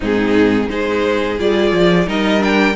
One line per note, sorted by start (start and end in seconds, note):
0.00 0.69 G#2
0.00 0.69 C4
0.00 0.68 D#4
0.00 0.69 G#4
0.69 1.38 G#3
0.69 1.38 D#4
0.69 2.07 G#4
0.69 1.38 C5
1.39 1.72 G3
1.39 2.06 F4
1.39 2.08 D5
1.72 2.06 F3
2.06 2.75 G3
2.06 2.39 D#4
2.06 2.75 A#4
2.06 2.42 D#5
2.39 2.73 D4
2.39 2.75 G5